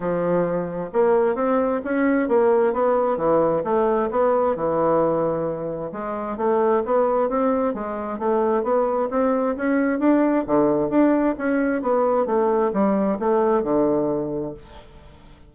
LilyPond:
\new Staff \with { instrumentName = "bassoon" } { \time 4/4 \tempo 4 = 132 f2 ais4 c'4 | cis'4 ais4 b4 e4 | a4 b4 e2~ | e4 gis4 a4 b4 |
c'4 gis4 a4 b4 | c'4 cis'4 d'4 d4 | d'4 cis'4 b4 a4 | g4 a4 d2 | }